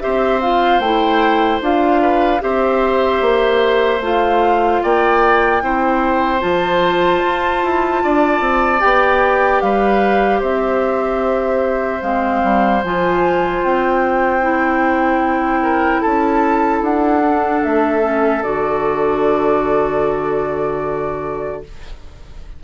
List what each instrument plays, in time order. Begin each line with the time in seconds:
0.00 bassoon C4, clarinet G4, oboe C5, flute E5
0.41 clarinet F4, flute F5
0.79 bassoon A3, clarinet E4, flute G5
1.61 bassoon D4, clarinet F4, flute F5
2.02 oboe B4
2.40 bassoon C4, clarinet G4, oboe C5, flute E5
3.21 bassoon A#3
4.00 bassoon A3, clarinet F4, flute F5
4.83 bassoon A#3, oboe D5, flute G5
5.61 bassoon C4, clarinet E4, oboe C5
6.40 bassoon F3, clarinet F4, flute A5
7.24 bassoon F4
7.63 bassoon E4
8.03 bassoon D4, oboe D5
8.40 bassoon C4
8.79 bassoon B3, clarinet G4, flute G5
9.61 bassoon G3, oboe B4, flute F5
10.40 bassoon C4, oboe C5, flute E5
12.02 bassoon G#3, clarinet C4, flute F5
12.43 bassoon G3
12.84 bassoon F3, clarinet F4, flute G#5
13.63 bassoon C4, flute G5
14.42 clarinet E4
15.62 oboe A#4
16.01 bassoon C#4, oboe A4, flute A5
16.81 bassoon D4, flute F#5
17.24 clarinet D4
17.63 bassoon A3, flute E5
18.01 clarinet C#4
18.43 bassoon D3, clarinet F#4, flute D5